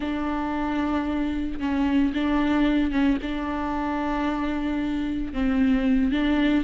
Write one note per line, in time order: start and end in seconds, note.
0.00 1.59 D4
1.59 2.12 C#4
2.14 2.91 D4
2.91 3.17 C#4
3.21 5.33 D4
5.33 6.11 C4
6.11 6.64 D4